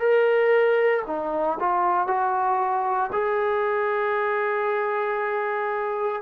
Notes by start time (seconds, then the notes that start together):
0.00 A#4
1.07 D#4
1.60 F4
2.07 F#4
3.13 G#4